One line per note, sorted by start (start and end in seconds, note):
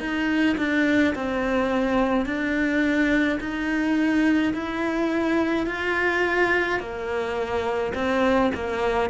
0.00 0.57 D#4
0.58 1.14 D4
1.15 2.26 C4
2.26 3.39 D4
3.40 4.53 D#4
4.54 5.67 E4
5.67 6.80 F4
6.80 7.93 A#3
7.95 8.52 C4
8.55 9.10 A#3